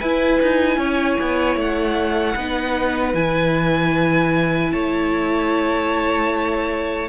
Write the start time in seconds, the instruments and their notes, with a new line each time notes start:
0.00 cello E4, viola E4, violin B4 G#5
0.42 cello D#4
0.77 cello C#4, violin C#5
1.21 cello B3
1.56 cello A3, violin F#5
2.36 cello B3, viola D#4, violin B4
3.14 cello E3, viola E4, violin G#5
4.72 cello A3, violin C#5 A5